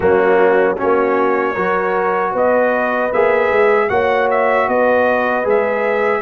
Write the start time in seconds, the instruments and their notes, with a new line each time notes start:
0.00 tuba F#3, trombone A#3, horn C#4, trumpet F#4
0.77 tuba A#3, trombone C#4, horn F#4, trumpet C#5
1.53 tuba F#3, trombone F#4, horn A#4
2.32 tuba B3, horn B4, trumpet D#5
3.12 tuba A#3, trombone G#4, trumpet E5
3.50 tuba G#3
3.89 tuba A#3, trombone F#4, horn C#5, trumpet F#5
4.30 trumpet E5
4.68 tuba B3, horn B4, trumpet D#5
5.44 tuba G#3, trombone G#4, trumpet E5